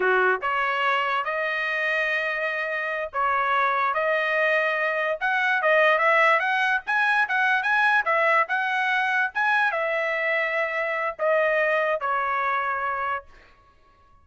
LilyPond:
\new Staff \with { instrumentName = "trumpet" } { \time 4/4 \tempo 4 = 145 fis'4 cis''2 dis''4~ | dis''2.~ dis''8 cis''8~ | cis''4. dis''2~ dis''8~ | dis''8 fis''4 dis''4 e''4 fis''8~ |
fis''8 gis''4 fis''4 gis''4 e''8~ | e''8 fis''2 gis''4 e''8~ | e''2. dis''4~ | dis''4 cis''2. | }